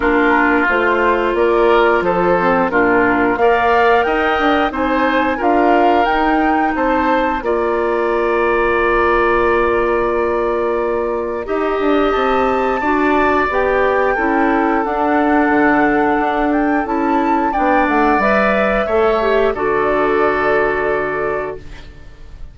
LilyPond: <<
  \new Staff \with { instrumentName = "flute" } { \time 4/4 \tempo 4 = 89 ais'4 c''4 d''4 c''4 | ais'4 f''4 g''4 gis''4 | f''4 g''4 a''4 ais''4~ | ais''1~ |
ais''2 a''2 | g''2 fis''2~ | fis''8 g''8 a''4 g''8 fis''8 e''4~ | e''4 d''2. | }
  \new Staff \with { instrumentName = "oboe" } { \time 4/4 f'2 ais'4 a'4 | f'4 d''4 dis''4 c''4 | ais'2 c''4 d''4~ | d''1~ |
d''4 dis''2 d''4~ | d''4 a'2.~ | a'2 d''2 | cis''4 a'2. | }
  \new Staff \with { instrumentName = "clarinet" } { \time 4/4 d'4 f'2~ f'8 c'8 | d'4 ais'2 dis'4 | f'4 dis'2 f'4~ | f'1~ |
f'4 g'2 fis'4 | g'4 e'4 d'2~ | d'4 e'4 d'4 b'4 | a'8 g'8 fis'2. | }
  \new Staff \with { instrumentName = "bassoon" } { \time 4/4 ais4 a4 ais4 f4 | ais,4 ais4 dis'8 d'8 c'4 | d'4 dis'4 c'4 ais4~ | ais1~ |
ais4 dis'8 d'8 c'4 d'4 | b4 cis'4 d'4 d4 | d'4 cis'4 b8 a8 g4 | a4 d2. | }
>>